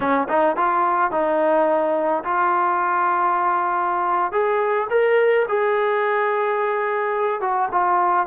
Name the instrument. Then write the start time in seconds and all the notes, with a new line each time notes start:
trombone
0.00 C#4
0.28 D#4
0.56 F4
1.11 D#4
2.24 F4
4.32 G#4
4.90 A#4
5.48 G#4
7.40 F#4
7.71 F4